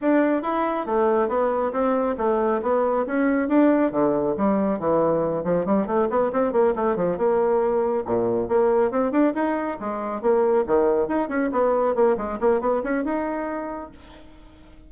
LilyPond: \new Staff \with { instrumentName = "bassoon" } { \time 4/4 \tempo 4 = 138 d'4 e'4 a4 b4 | c'4 a4 b4 cis'4 | d'4 d4 g4 e4~ | e8 f8 g8 a8 b8 c'8 ais8 a8 |
f8 ais2 ais,4 ais8~ | ais8 c'8 d'8 dis'4 gis4 ais8~ | ais8 dis4 dis'8 cis'8 b4 ais8 | gis8 ais8 b8 cis'8 dis'2 | }